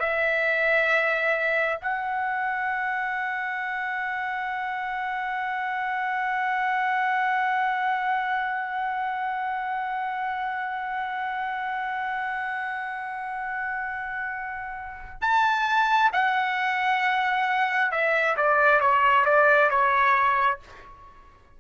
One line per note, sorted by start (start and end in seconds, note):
0.00 1.79 E5
1.82 15.22 F#5
15.22 16.11 A5
16.13 17.92 F#5
17.92 18.37 E5
18.37 18.81 D5
18.81 19.26 C#5
19.26 19.71 D5
19.71 20.60 C#5